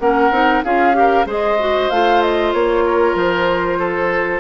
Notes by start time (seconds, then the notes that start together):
0.00 A#3 C#4 A#4 F#5
0.31 C4 D#4
0.64 C#4 F4 G#4 F5
0.94 G4
1.00 A#4
1.26 G#3 G#4 C5 D#5
1.60 F#4
1.90 A3 F4 F5
2.22 D#5
2.54 A#3 C#5
2.86 A#4
3.15 F3 C5
3.79 A4